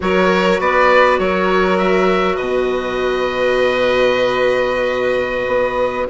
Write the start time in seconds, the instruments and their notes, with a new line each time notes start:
0.00 bassoon F#3, clarinet F#4, violin A#4, oboe C#5
0.60 bassoon B3, violin B4, oboe D5
1.18 bassoon F#3, violin A#4, oboe C#5
1.78 oboe E5
2.35 bassoon B2, violin B4, oboe D#5
5.47 bassoon B3